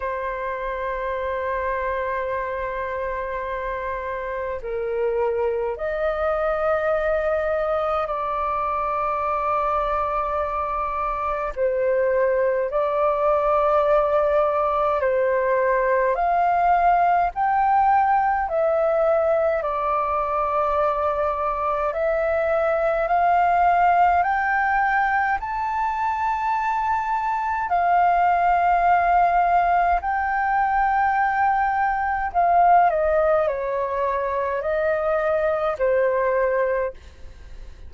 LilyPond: \new Staff \with { instrumentName = "flute" } { \time 4/4 \tempo 4 = 52 c''1 | ais'4 dis''2 d''4~ | d''2 c''4 d''4~ | d''4 c''4 f''4 g''4 |
e''4 d''2 e''4 | f''4 g''4 a''2 | f''2 g''2 | f''8 dis''8 cis''4 dis''4 c''4 | }